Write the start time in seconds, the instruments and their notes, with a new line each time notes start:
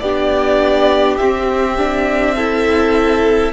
0.00 cello B3, viola D4, violin G4 D5
1.17 viola C4, cello C4, violin E5
1.78 viola D4
2.36 viola E4, violin A4